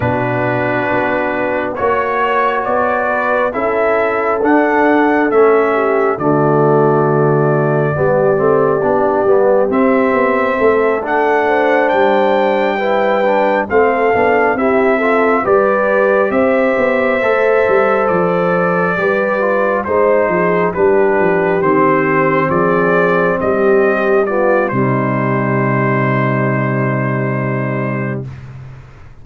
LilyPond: <<
  \new Staff \with { instrumentName = "trumpet" } { \time 4/4 \tempo 4 = 68 b'2 cis''4 d''4 | e''4 fis''4 e''4 d''4~ | d''2. e''4~ | e''8 fis''4 g''2 f''8~ |
f''8 e''4 d''4 e''4.~ | e''8 d''2 c''4 b'8~ | b'8 c''4 d''4 dis''4 d''8 | c''1 | }
  \new Staff \with { instrumentName = "horn" } { \time 4/4 fis'2 cis''4. b'8 | a'2~ a'8 g'8 fis'4~ | fis'4 g'2. | a'4 c''4. b'4 a'8~ |
a'8 g'8 a'8 b'4 c''4.~ | c''4. b'4 c''8 gis'8 g'8~ | g'4. gis'4 g'4 f'8 | dis'1 | }
  \new Staff \with { instrumentName = "trombone" } { \time 4/4 d'2 fis'2 | e'4 d'4 cis'4 a4~ | a4 b8 c'8 d'8 b8 c'4~ | c'8 d'2 e'8 d'8 c'8 |
d'8 e'8 f'8 g'2 a'8~ | a'4. g'8 f'8 dis'4 d'8~ | d'8 c'2. b8 | g1 | }
  \new Staff \with { instrumentName = "tuba" } { \time 4/4 b,4 b4 ais4 b4 | cis'4 d'4 a4 d4~ | d4 g8 a8 b8 g8 c'8 b8 | a4. g2 a8 |
b8 c'4 g4 c'8 b8 a8 | g8 f4 g4 gis8 f8 g8 | f8 dis4 f4 g4. | c1 | }
>>